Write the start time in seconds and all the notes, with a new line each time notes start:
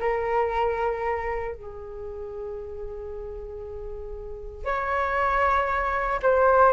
0.00 A#4
1.55 G#4
4.65 C#5
6.22 C5